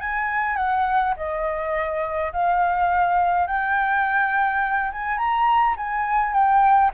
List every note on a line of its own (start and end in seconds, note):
0.00 0.56 G#5
0.56 1.14 F#5
1.16 2.32 D#5
2.32 3.47 F5
3.47 4.91 G5
4.92 5.17 G#5
5.17 5.75 A#5
5.77 6.33 G#5
6.33 6.91 G5